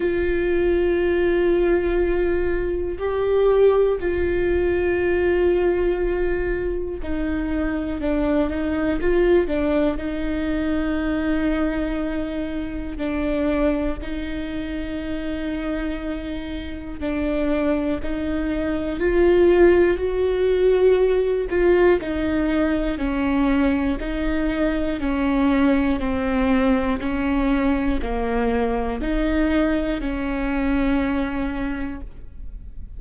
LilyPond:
\new Staff \with { instrumentName = "viola" } { \time 4/4 \tempo 4 = 60 f'2. g'4 | f'2. dis'4 | d'8 dis'8 f'8 d'8 dis'2~ | dis'4 d'4 dis'2~ |
dis'4 d'4 dis'4 f'4 | fis'4. f'8 dis'4 cis'4 | dis'4 cis'4 c'4 cis'4 | ais4 dis'4 cis'2 | }